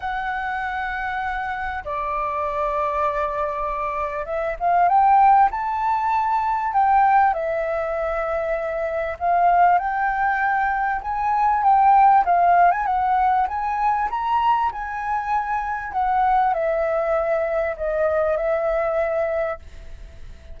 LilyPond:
\new Staff \with { instrumentName = "flute" } { \time 4/4 \tempo 4 = 98 fis''2. d''4~ | d''2. e''8 f''8 | g''4 a''2 g''4 | e''2. f''4 |
g''2 gis''4 g''4 | f''8. gis''16 fis''4 gis''4 ais''4 | gis''2 fis''4 e''4~ | e''4 dis''4 e''2 | }